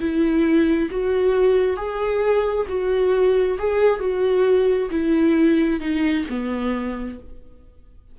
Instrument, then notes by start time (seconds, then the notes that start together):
viola
0.00 E4
0.91 F#4
1.77 G#4
2.69 F#4
3.59 G#4
4.00 F#4
4.91 E4
5.80 D#4
6.30 B3